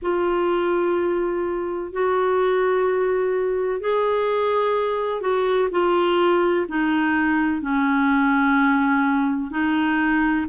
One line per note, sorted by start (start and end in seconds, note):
0.02 1.92 F4
1.92 3.80 F#4
3.80 5.21 G#4
5.21 5.68 F#4
5.71 6.66 F4
6.68 7.61 D#4
7.61 9.51 C#4
9.51 10.46 D#4